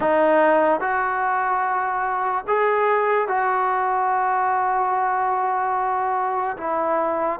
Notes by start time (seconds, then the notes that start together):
0.00 D#4
0.80 F#4
2.47 G#4
3.28 F#4
6.57 E4